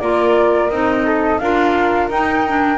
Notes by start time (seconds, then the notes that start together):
0.00 A#3 F4 A#4 D5
0.70 C4 D#4 D#5
1.06 A4
1.39 D4 F4 A#4 F5
2.10 D#4 G5
2.48 D4